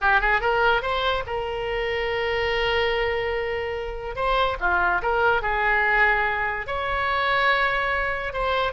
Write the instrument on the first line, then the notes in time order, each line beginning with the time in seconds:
oboe
0.01 G4
0.20 G#4
0.41 A#4
0.82 C5
1.26 A#4
4.15 C5
4.60 F4
5.02 A#4
5.41 G#4
6.67 C#5
8.33 C5